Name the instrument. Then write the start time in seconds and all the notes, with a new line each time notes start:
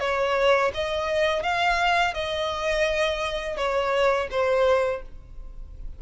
violin
0.00 C#5
0.74 D#5
1.43 F5
2.14 D#5
3.56 C#5
4.31 C5